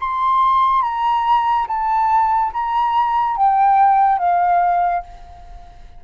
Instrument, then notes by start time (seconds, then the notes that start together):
flute
0.00 C6
0.82 A#5
1.67 A5
2.53 A#5
3.36 G5
4.19 F5